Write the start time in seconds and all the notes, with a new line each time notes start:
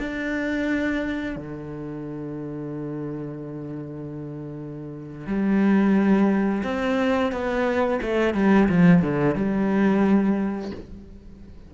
0.00 D4
1.36 D3
5.27 G3
6.64 C4
7.32 B3
8.02 A3
8.35 G3
8.69 F3
9.02 D3
9.35 G3